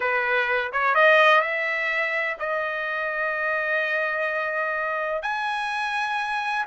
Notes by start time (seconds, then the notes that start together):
0.00 B4
0.72 C#5
0.95 D#5
1.41 E5
2.39 D#5
5.22 G#5